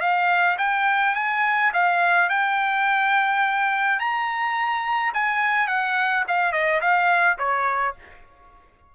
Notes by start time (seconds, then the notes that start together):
0.00 F5
0.58 G5
1.15 G#5
1.73 F5
2.29 G5
3.99 A#5
5.14 G#5
5.67 F#5
6.28 F5
6.52 D#5
6.81 F5
7.38 C#5